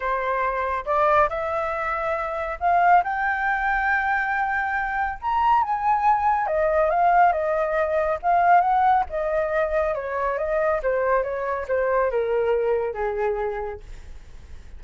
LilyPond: \new Staff \with { instrumentName = "flute" } { \time 4/4 \tempo 4 = 139 c''2 d''4 e''4~ | e''2 f''4 g''4~ | g''1 | ais''4 gis''2 dis''4 |
f''4 dis''2 f''4 | fis''4 dis''2 cis''4 | dis''4 c''4 cis''4 c''4 | ais'2 gis'2 | }